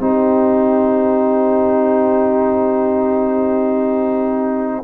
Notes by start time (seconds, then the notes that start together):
0.00 C4 D#4 G4 C5